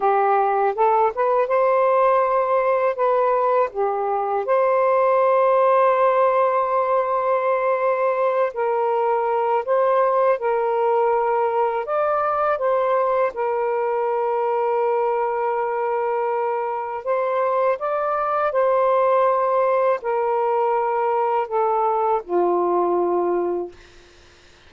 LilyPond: \new Staff \with { instrumentName = "saxophone" } { \time 4/4 \tempo 4 = 81 g'4 a'8 b'8 c''2 | b'4 g'4 c''2~ | c''2.~ c''8 ais'8~ | ais'4 c''4 ais'2 |
d''4 c''4 ais'2~ | ais'2. c''4 | d''4 c''2 ais'4~ | ais'4 a'4 f'2 | }